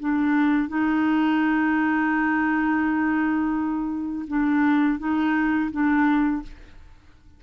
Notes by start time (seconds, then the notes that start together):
0.00 D4
0.69 D#4
4.28 D4
4.99 D#4
5.71 D4